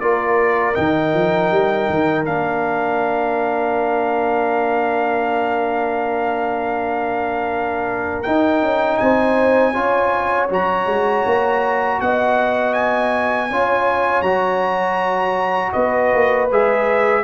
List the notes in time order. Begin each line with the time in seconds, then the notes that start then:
0.00 A#3 F4 A#4 D5
0.74 D#3 D#4 G5
1.14 F3
1.51 G3
1.89 D#3
2.24 A#3 D4 F5
8.23 D#4 G5
8.62 C#4
8.97 C4 C5 G#5
9.73 C#4 F4 C#5
10.50 F#3 F#4 A#5
10.87 G#3
11.25 A#3
12.01 B3 D#5 F#5
12.73 G#5
13.50 C#4 F4 C#5
14.22 F#3 F#4 A#5
15.73 B3 B4 D#5
16.14 A#3
16.51 G#3 G#4 E5